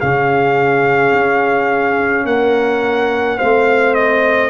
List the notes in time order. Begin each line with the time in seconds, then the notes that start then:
0.00 C#3 C#4 G#4 F5
1.13 C#4
2.25 A#3 A#4 F#5
3.38 A3 C4 C5 F5
3.95 D#5